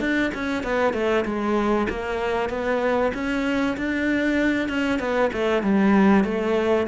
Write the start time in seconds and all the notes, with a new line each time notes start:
0.00 D4
0.34 C#4
0.63 B3
0.93 A3
1.25 G#3
1.89 A#3
2.49 B3
3.14 C#4
3.77 D4
4.68 C#4
4.99 B3
5.33 A3
5.62 G3
6.24 A3